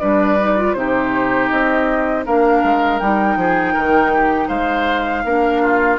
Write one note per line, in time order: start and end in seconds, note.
0.00 0.75 G3
0.00 0.38 D4
0.00 0.76 B4
0.00 0.74 D5
0.40 0.58 D#4
0.58 0.77 F4
0.74 1.50 C3
0.74 2.26 D#4
0.74 2.26 G4
0.74 1.49 C5
1.50 2.27 C4
1.50 2.25 D#5
2.26 2.64 A#3
2.26 3.01 D4
2.26 3.39 A#4
2.26 3.00 F5
2.64 3.01 G#3
3.00 3.37 G3
3.00 5.26 D#4
3.00 4.49 G5
3.37 3.74 F3
3.37 3.74 G#4
3.74 4.50 D#3
3.74 4.12 A#4
4.15 4.48 G4
4.48 5.25 G#3
4.48 5.23 C5
4.48 5.99 F5
5.25 5.99 A#3
5.25 5.99 D4
5.25 5.63 A#4
5.63 5.99 F4